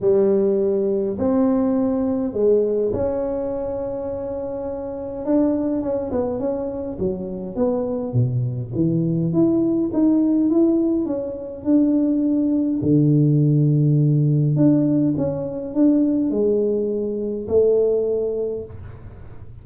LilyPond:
\new Staff \with { instrumentName = "tuba" } { \time 4/4 \tempo 4 = 103 g2 c'2 | gis4 cis'2.~ | cis'4 d'4 cis'8 b8 cis'4 | fis4 b4 b,4 e4 |
e'4 dis'4 e'4 cis'4 | d'2 d2~ | d4 d'4 cis'4 d'4 | gis2 a2 | }